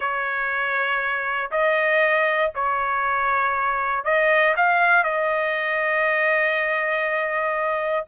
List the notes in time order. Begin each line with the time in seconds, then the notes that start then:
0.00 C#5
1.51 D#5
2.54 C#5
4.04 D#5
4.56 F5
5.03 D#5